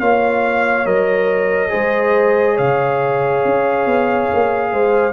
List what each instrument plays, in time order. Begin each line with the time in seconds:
0.00 tuba A#3, trombone F4, horn C#5, trumpet F5
0.85 tuba F#3, trombone A#4, trumpet D#5
1.69 tuba G#3, trombone G#4, horn C5
2.54 tuba C#3, horn C#5, trumpet F5
3.45 tuba C#4
3.86 tuba B3
4.33 tuba A#3
4.72 tuba G#3, horn C5